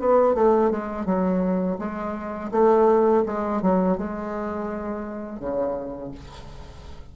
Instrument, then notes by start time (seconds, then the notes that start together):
bassoon
0.00 B3
0.35 A3
0.71 G#3
1.06 F#3
1.79 G#3
2.52 A3
3.26 G#3
3.62 F#3
3.98 G#3
5.40 C#3